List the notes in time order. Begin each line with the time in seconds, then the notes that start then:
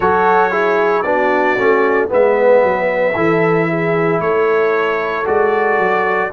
0.00 F#3 F#4 A4 C#5
0.50 E4 G#4
1.02 B3 D4 F#4 D5
1.57 A3 C#4
2.08 G#3 B3 B4 E5
2.62 F#3
3.15 E3 E4 A4
3.68 G#4
4.20 A3 A4 C#5
5.24 G#3 F#4 D5
5.78 F#3